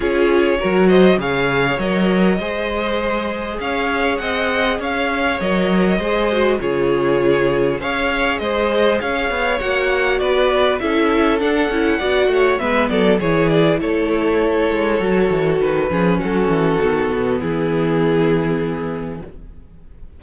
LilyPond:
<<
  \new Staff \with { instrumentName = "violin" } { \time 4/4 \tempo 4 = 100 cis''4. dis''8 f''4 dis''4~ | dis''2 f''4 fis''4 | f''4 dis''2 cis''4~ | cis''4 f''4 dis''4 f''4 |
fis''4 d''4 e''4 fis''4~ | fis''4 e''8 d''8 cis''8 d''8 cis''4~ | cis''2 b'4 a'4~ | a'4 gis'2. | }
  \new Staff \with { instrumentName = "violin" } { \time 4/4 gis'4 ais'8 c''8 cis''2 | c''2 cis''4 dis''4 | cis''2 c''4 gis'4~ | gis'4 cis''4 c''4 cis''4~ |
cis''4 b'4 a'2 | d''8 cis''8 b'8 a'8 gis'4 a'4~ | a'2~ a'8 gis'8 fis'4~ | fis'4 e'2. | }
  \new Staff \with { instrumentName = "viola" } { \time 4/4 f'4 fis'4 gis'4 ais'4 | gis'1~ | gis'4 ais'4 gis'8 fis'8 f'4~ | f'4 gis'2. |
fis'2 e'4 d'8 e'8 | fis'4 b4 e'2~ | e'4 fis'4. cis'4. | b1 | }
  \new Staff \with { instrumentName = "cello" } { \time 4/4 cis'4 fis4 cis4 fis4 | gis2 cis'4 c'4 | cis'4 fis4 gis4 cis4~ | cis4 cis'4 gis4 cis'8 b8 |
ais4 b4 cis'4 d'8 cis'8 | b8 a8 gis8 fis8 e4 a4~ | a8 gis8 fis8 e8 dis8 f8 fis8 e8 | dis8 b,8 e2. | }
>>